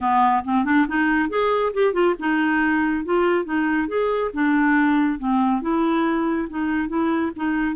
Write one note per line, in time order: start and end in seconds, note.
0.01 0.44 B3
0.44 0.65 C4
0.65 0.86 D4
0.88 1.29 D#4
1.29 1.72 G#4
1.73 1.93 G4
1.93 2.15 F4
2.19 3.04 D#4
3.04 3.44 F4
3.44 3.88 D#4
3.88 4.31 G#4
4.33 5.18 D4
5.18 5.61 C4
5.61 6.47 E4
6.49 6.88 D#4
6.88 7.31 E4
7.36 7.75 D#4